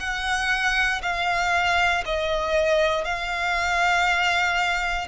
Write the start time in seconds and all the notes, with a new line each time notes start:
0.00 F#5
1.03 F5
2.06 D#5
3.05 F5